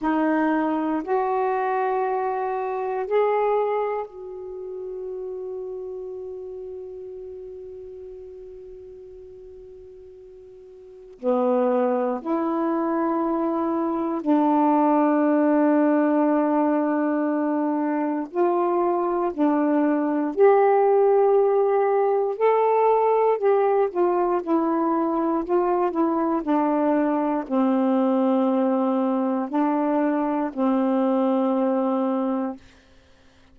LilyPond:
\new Staff \with { instrumentName = "saxophone" } { \time 4/4 \tempo 4 = 59 dis'4 fis'2 gis'4 | fis'1~ | fis'2. b4 | e'2 d'2~ |
d'2 f'4 d'4 | g'2 a'4 g'8 f'8 | e'4 f'8 e'8 d'4 c'4~ | c'4 d'4 c'2 | }